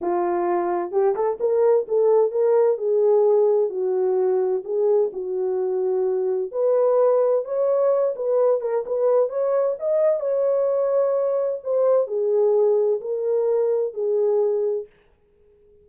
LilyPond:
\new Staff \with { instrumentName = "horn" } { \time 4/4 \tempo 4 = 129 f'2 g'8 a'8 ais'4 | a'4 ais'4 gis'2 | fis'2 gis'4 fis'4~ | fis'2 b'2 |
cis''4. b'4 ais'8 b'4 | cis''4 dis''4 cis''2~ | cis''4 c''4 gis'2 | ais'2 gis'2 | }